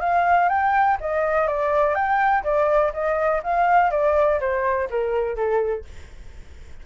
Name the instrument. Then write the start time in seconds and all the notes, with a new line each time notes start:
flute
0.00 F5
0.49 G5
1.00 D#5
1.47 D5
1.95 G5
2.43 D5
2.93 D#5
3.43 F5
3.91 D5
4.40 C5
4.90 A#4
5.36 A4